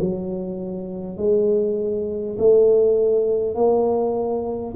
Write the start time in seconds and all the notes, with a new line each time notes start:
0.00 F#3
1.17 G#3
2.38 A3
3.55 A#3